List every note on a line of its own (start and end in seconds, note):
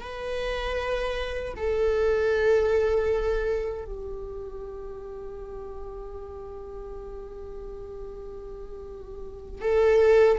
0.00 1.54 B4
1.57 3.85 A4
3.85 9.62 G4
9.62 10.38 A4